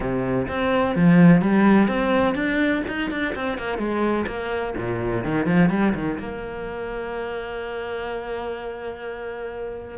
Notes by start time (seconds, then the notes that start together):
0.00 C3
0.48 C4
0.95 F3
1.41 G3
1.88 C4
2.35 D4
2.87 D#4
3.10 D4
3.35 C4
3.58 A#3
3.77 G#3
4.26 A#3
4.76 A#2
5.24 D#3
5.45 F3
5.69 G3
5.94 D#3
6.19 A#3